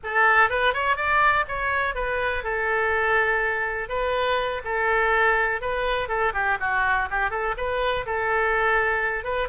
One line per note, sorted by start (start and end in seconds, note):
0.03 0.49 A4
0.49 0.73 B4
0.73 0.96 C#5
0.96 1.45 D5
1.48 1.94 C#5
1.94 2.43 B4
2.43 3.88 A4
3.88 4.61 B4
4.64 5.61 A4
5.61 6.08 B4
6.08 6.33 A4
6.33 6.57 G4
6.60 7.08 F#4
7.10 7.30 G4
7.30 7.55 A4
7.57 8.05 B4
8.06 9.23 A4
9.23 9.48 B4